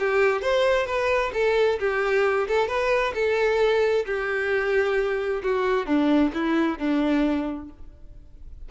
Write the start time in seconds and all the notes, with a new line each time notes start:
0.00 G4
0.42 C5
0.87 B4
1.34 A4
1.80 G4
2.48 A4
2.68 B4
3.15 A4
4.06 G4
5.43 F#4
5.87 D4
6.34 E4
6.79 D4